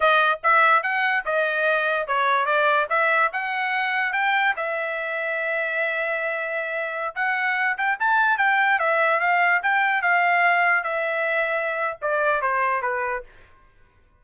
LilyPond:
\new Staff \with { instrumentName = "trumpet" } { \time 4/4 \tempo 4 = 145 dis''4 e''4 fis''4 dis''4~ | dis''4 cis''4 d''4 e''4 | fis''2 g''4 e''4~ | e''1~ |
e''4~ e''16 fis''4. g''8 a''8.~ | a''16 g''4 e''4 f''4 g''8.~ | g''16 f''2 e''4.~ e''16~ | e''4 d''4 c''4 b'4 | }